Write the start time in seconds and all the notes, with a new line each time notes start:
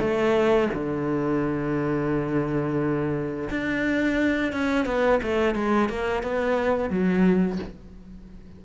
0.00 A3
0.74 D3
3.50 D4
4.53 C#4
4.86 B3
5.23 A3
5.55 G#3
5.89 A#3
6.23 B3
6.90 F#3